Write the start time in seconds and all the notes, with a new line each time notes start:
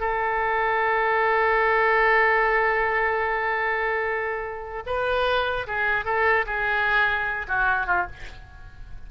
0.00 A4
4.86 B4
5.67 G#4
6.05 A4
6.46 G#4
7.48 F#4
7.87 F4